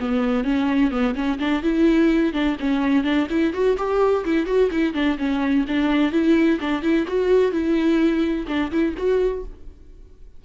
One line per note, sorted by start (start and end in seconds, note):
0.00 0.44 B3
0.44 0.91 C#4
0.91 1.15 B3
1.15 1.39 C#4
1.39 1.63 D4
1.63 2.33 E4
2.33 2.57 D4
2.60 3.04 C#4
3.04 3.27 D4
3.30 3.53 E4
3.53 3.77 F#4
3.78 4.25 G4
4.25 4.46 E4
4.46 4.70 F#4
4.71 4.94 E4
4.94 5.18 D4
5.18 5.65 C#4
5.68 6.12 D4
6.12 6.59 E4
6.61 6.82 D4
6.82 7.06 E4
7.08 7.52 F#4
7.52 8.47 E4
8.48 8.71 D4
8.71 8.95 E4
8.97 9.44 F#4